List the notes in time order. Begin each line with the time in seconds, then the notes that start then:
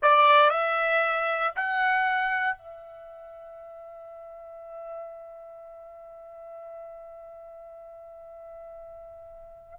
0.02 D5
0.50 E5
1.55 F#5
2.57 E5